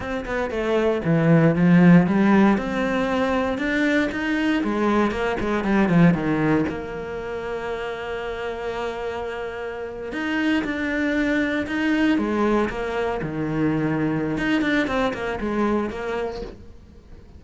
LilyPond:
\new Staff \with { instrumentName = "cello" } { \time 4/4 \tempo 4 = 117 c'8 b8 a4 e4 f4 | g4 c'2 d'4 | dis'4 gis4 ais8 gis8 g8 f8 | dis4 ais2.~ |
ais2.~ ais8. dis'16~ | dis'8. d'2 dis'4 gis16~ | gis8. ais4 dis2~ dis16 | dis'8 d'8 c'8 ais8 gis4 ais4 | }